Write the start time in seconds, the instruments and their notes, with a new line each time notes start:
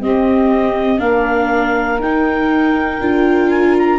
0.00 tuba C4, viola C4, saxophone G4, clarinet D#5
0.98 tuba A#3, viola D4, saxophone A#4, clarinet F5
1.99 tuba D#4, viola D#4, clarinet G5
3.01 tuba D4, viola F4
3.50 clarinet G#5
3.79 clarinet A#5